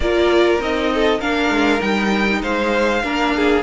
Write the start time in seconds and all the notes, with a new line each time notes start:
0.00 A#3 F4 A#4 D5
0.59 C4 D#4 D#5
0.94 A4
1.19 A#3 D4 A#4 F5
1.49 G#3
1.80 G3 D#4 G5
2.42 G#3 C5 F5
3.03 A#3 D4 A#4
3.35 G#4